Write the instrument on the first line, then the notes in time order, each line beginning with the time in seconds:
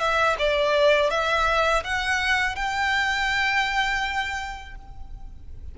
violin
0.00 E5
0.39 D5
1.11 E5
1.84 F#5
2.56 G5